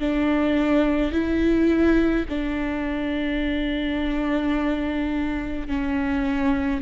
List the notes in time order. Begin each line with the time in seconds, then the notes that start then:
0.00 D4
1.12 E4
2.29 D4
5.68 C#4